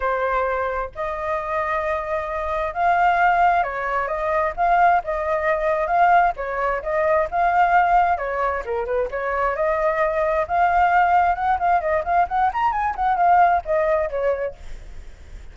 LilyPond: \new Staff \with { instrumentName = "flute" } { \time 4/4 \tempo 4 = 132 c''2 dis''2~ | dis''2 f''2 | cis''4 dis''4 f''4 dis''4~ | dis''4 f''4 cis''4 dis''4 |
f''2 cis''4 ais'8 b'8 | cis''4 dis''2 f''4~ | f''4 fis''8 f''8 dis''8 f''8 fis''8 ais''8 | gis''8 fis''8 f''4 dis''4 cis''4 | }